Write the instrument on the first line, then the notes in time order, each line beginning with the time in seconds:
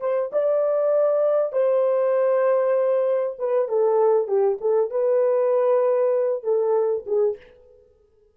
horn
0.00 C5
0.32 D5
1.53 C5
3.39 B4
3.68 A4
4.27 G4
4.61 A4
4.91 B4
6.43 A4
7.06 G#4